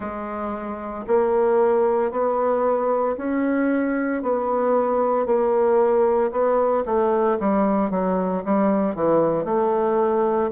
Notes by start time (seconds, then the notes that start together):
0.00 G#3
1.07 A#3
2.11 B3
3.17 C#4
4.22 B3
5.25 A#3
6.31 B3
6.85 A3
7.39 G3
7.90 F#3
8.44 G3
8.95 E3
9.44 A3